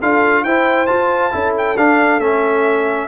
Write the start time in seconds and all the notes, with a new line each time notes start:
0.00 D4 F4 A4 F5
0.44 E4 C5 G5
0.86 F4 A5
1.31 C#4 E4 A4
1.57 G5
1.77 D4 F5
2.19 A3 C#4 E5